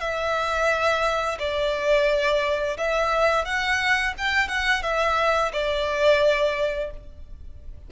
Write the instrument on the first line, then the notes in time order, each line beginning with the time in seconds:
violin
0.00 E5
1.39 D5
2.77 E5
3.45 F#5
4.18 G5
4.48 F#5
4.82 E5
5.52 D5